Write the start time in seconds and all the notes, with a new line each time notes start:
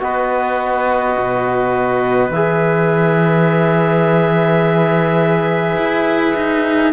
0.00 B3 F#4 B4 D#5
1.19 B2
2.30 E3 G#4 E5
5.77 E4
6.36 D#4